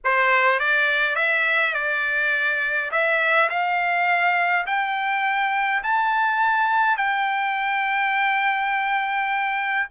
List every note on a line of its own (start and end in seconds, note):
0.04 0.59 C5
0.59 1.15 D5
1.15 1.73 E5
1.74 2.90 D5
2.91 3.49 E5
3.49 4.65 F5
4.66 5.83 G5
5.83 6.97 A5
6.97 9.88 G5